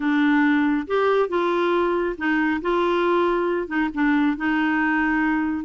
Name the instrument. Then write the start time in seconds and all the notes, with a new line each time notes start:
clarinet
0.00 D4
0.87 G4
1.28 F4
2.17 D#4
2.61 F4
3.67 D#4
3.93 D4
4.37 D#4